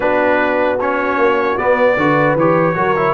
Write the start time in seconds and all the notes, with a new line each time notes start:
0.00 B3 D4 F#4 B4
0.79 C#4 C#5
1.16 A#3
1.57 B3 D5
1.97 D3 F#4 B4
2.35 E3 G4 C#5
2.75 F#3 F#4 A#4
2.96 E4